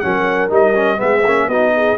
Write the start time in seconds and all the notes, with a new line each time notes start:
0.00 F#3 C#4 A#4 F#5
0.50 G3 D#4 D#5
0.76 C#4
0.98 G#3 B3 G#4 E5
1.24 A#3 C#4
1.48 B3 D#4 F#4 D#5
1.76 G#4